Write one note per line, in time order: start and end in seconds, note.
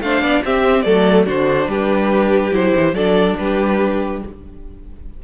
0.00 0.21 A3
0.00 0.44 D4
0.00 0.22 C5
0.00 0.43 F5
0.21 0.42 B3
0.21 0.43 D5
0.44 0.84 C4
0.44 0.85 C4
0.44 0.84 G4
0.44 0.81 E5
0.81 1.27 F#3
0.81 1.26 A3
0.81 1.25 A4
0.81 1.23 D5
1.25 1.66 D3
1.25 2.52 D4
1.25 1.67 F#4
1.25 1.70 C5
1.66 2.50 G3
1.66 2.94 G4
1.66 2.53 B4
2.52 2.73 F#3
2.52 2.94 E4
2.52 2.94 C5
2.76 2.92 E3
2.92 3.34 F#3
2.92 4.22 D4
2.92 3.36 A4
2.92 3.36 D5
3.38 4.22 G3
3.38 4.23 G4
3.38 4.22 B4